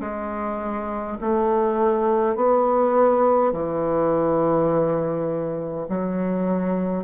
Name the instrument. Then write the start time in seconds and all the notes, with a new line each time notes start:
bassoon
0.00 G#3
1.21 A3
2.36 B3
3.53 E3
5.89 F#3